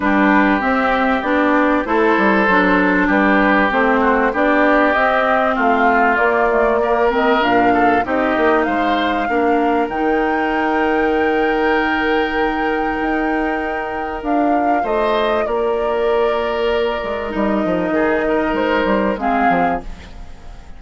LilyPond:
<<
  \new Staff \with { instrumentName = "flute" } { \time 4/4 \tempo 4 = 97 b'4 e''4 d''4 c''4~ | c''4 b'4 c''4 d''4 | dis''4 f''4 d''4. dis''8 | f''4 dis''4 f''2 |
g''1~ | g''2. f''4 | dis''4 d''2. | dis''2 c''4 f''4 | }
  \new Staff \with { instrumentName = "oboe" } { \time 4/4 g'2. a'4~ | a'4 g'4. fis'8 g'4~ | g'4 f'2 ais'4~ | ais'8 a'8 g'4 c''4 ais'4~ |
ais'1~ | ais'1 | c''4 ais'2.~ | ais'4 gis'8 ais'4. gis'4 | }
  \new Staff \with { instrumentName = "clarinet" } { \time 4/4 d'4 c'4 d'4 e'4 | d'2 c'4 d'4 | c'2 ais8 a8 ais8 c'8 | d'4 dis'2 d'4 |
dis'1~ | dis'2. f'4~ | f'1 | dis'2. c'4 | }
  \new Staff \with { instrumentName = "bassoon" } { \time 4/4 g4 c'4 b4 a8 g8 | fis4 g4 a4 b4 | c'4 a4 ais2 | ais,4 c'8 ais8 gis4 ais4 |
dis1~ | dis4 dis'2 d'4 | a4 ais2~ ais8 gis8 | g8 f8 dis4 gis8 g8 gis8 f8 | }
>>